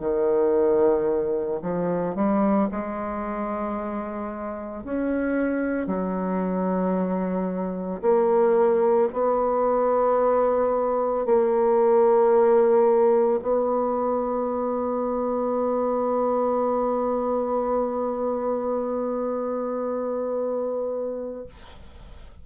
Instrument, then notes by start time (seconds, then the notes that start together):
bassoon
0.00 D#3
1.62 F3
2.15 G3
2.71 G#3
4.84 C#4
5.87 F#3
8.01 A#3
9.13 B3
11.25 A#3
13.42 B3